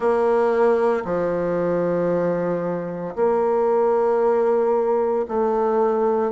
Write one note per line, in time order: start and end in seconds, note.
0.00 1.03 A#3
1.04 3.15 F3
3.15 5.26 A#3
5.27 6.32 A3